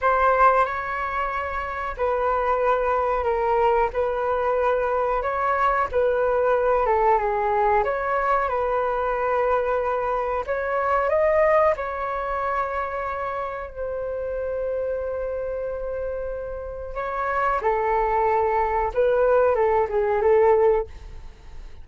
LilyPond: \new Staff \with { instrumentName = "flute" } { \time 4/4 \tempo 4 = 92 c''4 cis''2 b'4~ | b'4 ais'4 b'2 | cis''4 b'4. a'8 gis'4 | cis''4 b'2. |
cis''4 dis''4 cis''2~ | cis''4 c''2.~ | c''2 cis''4 a'4~ | a'4 b'4 a'8 gis'8 a'4 | }